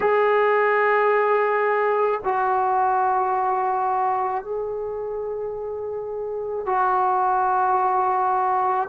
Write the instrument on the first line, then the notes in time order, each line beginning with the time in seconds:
trombone
0.00 G#4
2.24 F#4
4.44 G#4
6.66 F#4